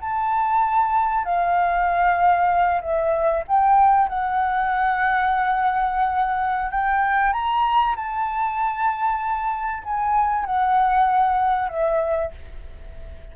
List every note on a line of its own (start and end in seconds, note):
0.00 1.24 A5
1.24 2.81 F5
2.81 3.43 E5
3.47 4.08 G5
4.08 6.70 F#5
6.70 7.32 G5
7.32 7.95 A#5
7.95 9.83 A5
9.83 10.45 G#5
10.45 11.68 F#5
11.68 12.31 E5